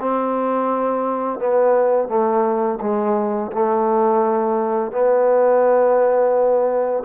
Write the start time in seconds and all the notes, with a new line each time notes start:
0.00 C4
1.39 B3
2.08 A3
2.81 G#3
3.52 A3
4.92 B3